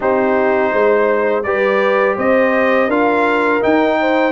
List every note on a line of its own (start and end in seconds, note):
0.00 0.72 C4
0.00 1.43 D#4
0.00 0.72 G4
0.00 1.43 C5
0.72 1.44 G#3
0.72 1.44 C5
1.43 2.16 G3
1.43 2.90 G4
1.43 2.16 B4
1.43 2.15 D5
2.16 2.87 C4
2.16 2.87 C5
2.16 2.90 D#5
2.87 3.59 D4
2.87 3.61 F4
2.87 3.96 A#4
2.87 3.62 F5
3.61 4.32 D#4
3.61 4.32 G5
4.00 4.32 C5